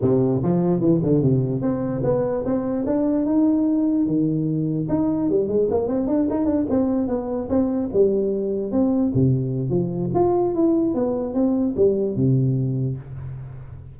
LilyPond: \new Staff \with { instrumentName = "tuba" } { \time 4/4 \tempo 4 = 148 c4 f4 e8 d8 c4 | c'4 b4 c'4 d'4 | dis'2 dis2 | dis'4 g8 gis8 ais8 c'8 d'8 dis'8 |
d'8 c'4 b4 c'4 g8~ | g4. c'4 c4. | f4 f'4 e'4 b4 | c'4 g4 c2 | }